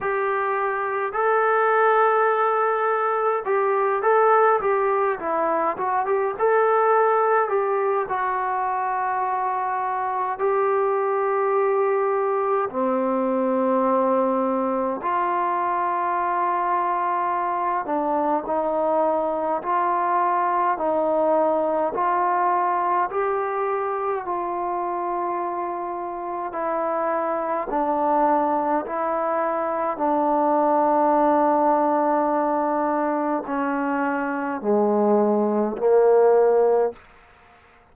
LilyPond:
\new Staff \with { instrumentName = "trombone" } { \time 4/4 \tempo 4 = 52 g'4 a'2 g'8 a'8 | g'8 e'8 fis'16 g'16 a'4 g'8 fis'4~ | fis'4 g'2 c'4~ | c'4 f'2~ f'8 d'8 |
dis'4 f'4 dis'4 f'4 | g'4 f'2 e'4 | d'4 e'4 d'2~ | d'4 cis'4 gis4 ais4 | }